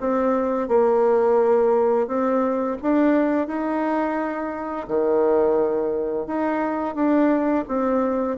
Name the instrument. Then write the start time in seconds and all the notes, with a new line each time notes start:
bassoon
0.00 C4
0.68 A#3
2.07 C4
2.82 D4
3.47 D#4
4.87 D#3
6.26 D#4
6.95 D4
7.67 C4